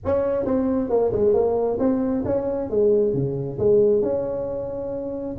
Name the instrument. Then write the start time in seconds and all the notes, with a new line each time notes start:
tuba
0.05 C#4
0.45 C4
0.89 A#3
1.12 G#3
1.33 A#3
1.79 C4
2.25 C#4
2.69 G#3
3.13 C#3
3.58 G#3
4.02 C#4